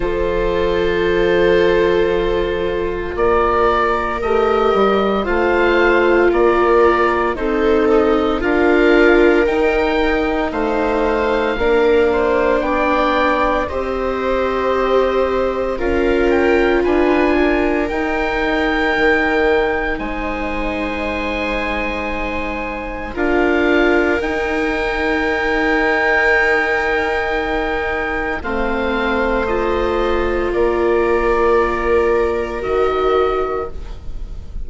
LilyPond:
<<
  \new Staff \with { instrumentName = "oboe" } { \time 4/4 \tempo 4 = 57 c''2. d''4 | dis''4 f''4 d''4 c''8 dis''8 | f''4 g''4 f''2 | g''4 dis''2 f''8 g''8 |
gis''4 g''2 gis''4~ | gis''2 f''4 g''4~ | g''2. f''4 | dis''4 d''2 dis''4 | }
  \new Staff \with { instrumentName = "viola" } { \time 4/4 a'2. ais'4~ | ais'4 c''4 ais'4 a'4 | ais'2 c''4 ais'8 c''8 | d''4 c''2 ais'4 |
b'8 ais'2~ ais'8 c''4~ | c''2 ais'2~ | ais'2. c''4~ | c''4 ais'2. | }
  \new Staff \with { instrumentName = "viola" } { \time 4/4 f'1 | g'4 f'2 dis'4 | f'4 dis'2 d'4~ | d'4 g'2 f'4~ |
f'4 dis'2.~ | dis'2 f'4 dis'4~ | dis'2. c'4 | f'2. fis'4 | }
  \new Staff \with { instrumentName = "bassoon" } { \time 4/4 f2. ais4 | a8 g8 a4 ais4 c'4 | d'4 dis'4 a4 ais4 | b4 c'2 cis'4 |
d'4 dis'4 dis4 gis4~ | gis2 d'4 dis'4~ | dis'2. a4~ | a4 ais2 dis4 | }
>>